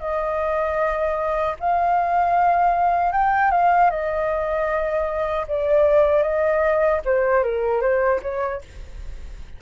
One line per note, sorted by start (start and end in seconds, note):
0.00 1.56 D#5
1.60 3.13 F5
3.13 3.51 G5
3.51 3.90 F5
3.91 5.47 D#5
5.48 6.23 D5
6.23 7.01 D#5
7.05 7.44 C5
7.44 7.82 A#4
7.82 8.21 C5
8.23 8.62 C#5